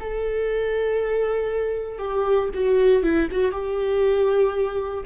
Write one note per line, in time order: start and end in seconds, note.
0.00 1.98 A4
1.98 2.49 G4
2.54 3.03 F#4
3.03 3.28 E4
3.31 3.51 F#4
3.51 5.04 G4